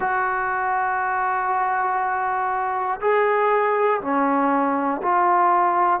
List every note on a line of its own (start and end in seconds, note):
0.00 3.00 F#4
3.00 4.00 G#4
4.00 5.00 C#4
5.02 6.00 F4